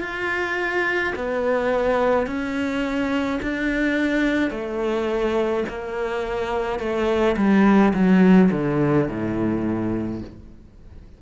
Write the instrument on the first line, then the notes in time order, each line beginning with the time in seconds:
cello
0.00 F4
1.15 B3
2.26 C#4
3.42 D4
4.50 A3
5.69 A#3
6.79 A3
7.36 G3
7.93 F#3
8.51 D3
9.08 A2